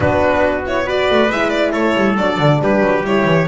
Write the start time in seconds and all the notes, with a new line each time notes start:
0.00 B3 D4 F#4 B4
0.66 E4 C#5
0.85 F#4 B4 D5
1.10 A3
1.30 G#3 E4 E5
1.49 D5
1.72 A3 A4 C#5
1.95 G3
2.17 F#3 D4 D5
2.37 D3
2.61 G3 G4 B4
2.80 F#3
3.02 G3 E4 C#5
3.24 E3